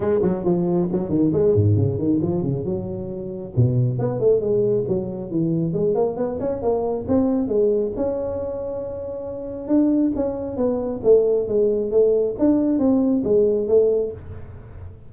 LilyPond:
\new Staff \with { instrumentName = "tuba" } { \time 4/4 \tempo 4 = 136 gis8 fis8 f4 fis8 dis8 gis8 gis,8 | cis8 dis8 f8 cis8 fis2 | b,4 b8 a8 gis4 fis4 | e4 gis8 ais8 b8 cis'8 ais4 |
c'4 gis4 cis'2~ | cis'2 d'4 cis'4 | b4 a4 gis4 a4 | d'4 c'4 gis4 a4 | }